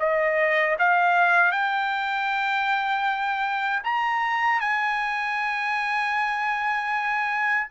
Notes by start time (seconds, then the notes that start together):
0.00 D#5
0.79 F5
1.52 G5
3.84 A#5
4.61 G#5